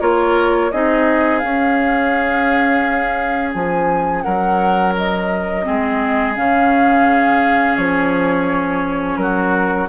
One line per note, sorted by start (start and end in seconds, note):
0.00 0.71 A#3
0.00 0.71 F4
0.00 0.71 A#4
0.00 0.71 C#5
0.71 1.43 C4
0.71 1.42 D#4
0.71 4.24 G#4
0.71 1.38 D#5
1.38 5.64 C#4
1.38 3.54 C#4
1.38 3.50 F5
3.52 4.25 F3
3.52 4.22 G#5
4.22 5.67 F#3
4.22 5.65 A#4
4.22 4.93 F#5
4.97 6.35 D#5
5.64 6.37 G#3
5.64 6.34 C4
5.64 9.19 G#4
6.35 7.77 C#3
6.35 9.88 C#4
6.35 7.76 F5
7.76 9.17 F3
7.76 9.16 C#5
9.16 9.87 F#3
9.16 9.89 F#4
9.16 9.87 A#4